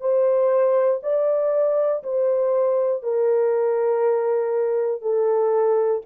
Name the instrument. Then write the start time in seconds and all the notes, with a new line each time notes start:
horn
0.00 C5
1.03 D5
2.03 C5
3.03 A#4
5.01 A4